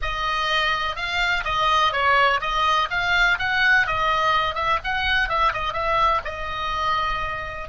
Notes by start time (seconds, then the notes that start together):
0.01 D#5
0.96 F5
1.44 D#5
1.92 C#5
2.40 D#5
2.90 F5
3.38 F#5
3.86 D#5
4.54 E5
4.83 F#5
5.28 E5
5.53 D#5
5.73 E5
6.24 D#5